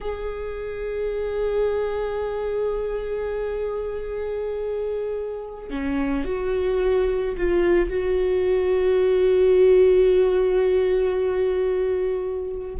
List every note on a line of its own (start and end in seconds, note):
0.01 5.70 G#4
5.70 6.24 C#4
6.24 7.35 F#4
7.37 7.89 F4
7.89 12.75 F#4